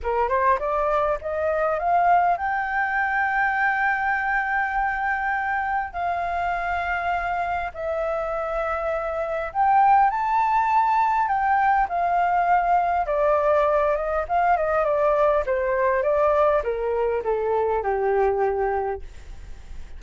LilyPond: \new Staff \with { instrumentName = "flute" } { \time 4/4 \tempo 4 = 101 ais'8 c''8 d''4 dis''4 f''4 | g''1~ | g''2 f''2~ | f''4 e''2. |
g''4 a''2 g''4 | f''2 d''4. dis''8 | f''8 dis''8 d''4 c''4 d''4 | ais'4 a'4 g'2 | }